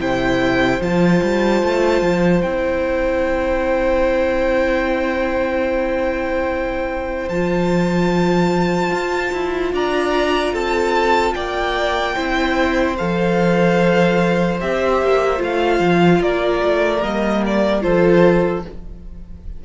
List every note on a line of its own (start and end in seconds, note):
0.00 0.80 C3
0.00 0.81 E4
0.00 9.74 C5
0.00 0.82 G5
0.80 1.21 F3
0.80 2.43 F4
0.80 2.43 A5
1.23 1.63 G3
1.63 2.02 A3
2.02 2.43 F3
2.43 7.30 C4
2.43 7.30 E4
2.43 7.29 G5
7.29 8.92 F3
7.29 12.17 F4
7.29 9.72 A5
8.92 9.32 F4
9.33 9.73 E4
9.73 10.53 D4
9.73 10.54 D5
9.73 10.55 A#5
10.53 11.34 C4
10.53 11.35 A4
10.53 11.34 A5
11.34 12.16 A#3
11.34 12.16 D5
11.34 12.97 G5
12.16 12.99 C4
12.16 12.98 E4
12.16 16.21 C5
12.98 14.62 F3
12.98 14.60 A4
12.98 14.60 F5
14.61 15.02 C4
14.61 15.38 G4
14.61 15.42 E5
15.02 15.40 A#3
15.38 15.80 A3
15.38 17.00 F4
15.44 16.23 F5
15.80 16.21 F3
16.21 16.62 A#3
16.21 17.83 A#4
16.21 17.04 D5
16.64 17.04 A3
17.02 17.84 G3
17.02 17.82 A#3
17.02 17.44 D#5
17.46 17.83 D5
17.82 18.66 F3
17.82 18.63 F4
17.82 18.64 A4
17.82 18.64 C5